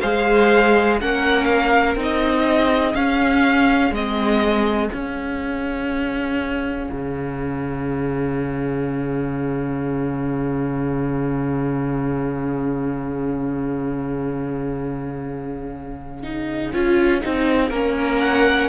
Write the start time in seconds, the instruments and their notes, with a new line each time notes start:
0.00 cello G#3, viola G#4, violin C5 F5
1.00 cello A#3, viola C#4, violin A#4 F#5
1.44 violin F5
1.95 cello C4, viola D#4
2.02 violin D#5
2.45 violin G#4
2.94 cello C#4, viola C#4, violin F5
3.91 cello G#3, viola C4, violin D#5
4.91 viola C#4, cello C#4, violin F5
6.91 cello C#3
16.23 viola D#4
16.73 cello C#4, viola F4
17.20 cello C4, viola D#4
17.70 cello A#3, viola C#4, violin A#4
18.20 violin F#5